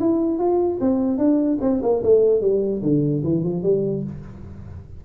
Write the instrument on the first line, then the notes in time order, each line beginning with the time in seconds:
tuba
0.00 E4
0.39 F4
0.81 C4
1.18 D4
1.61 C4
1.82 A#3
2.03 A3
2.41 G3
2.82 D3
3.24 E3
3.44 F3
3.63 G3